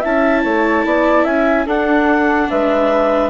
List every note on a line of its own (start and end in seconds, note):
0.00 0.44 C#4
0.00 1.67 E4
0.00 0.41 E5
0.00 1.26 A5
0.44 0.85 A3
0.44 0.85 C#5
0.85 1.24 B3
0.85 1.24 D5
1.24 1.66 C#4
1.24 1.65 E5
1.24 1.67 G#5
1.66 2.48 D4
1.66 3.30 D4
1.66 2.48 A4
1.66 2.50 F#5
2.50 3.30 G#3
2.50 3.30 B4
2.50 3.30 E5